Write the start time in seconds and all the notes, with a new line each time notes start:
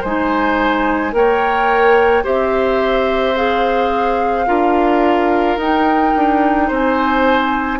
0.00 G#3 C5 G#5
0.06 D#4
1.12 A#3 A#4 C#5 G5
2.23 C4 G4 C5 E5
3.36 G#4 F5
4.46 D4 F4 A#4
5.57 D#4 G5
6.16 D4
6.67 C4 C5
6.73 G#5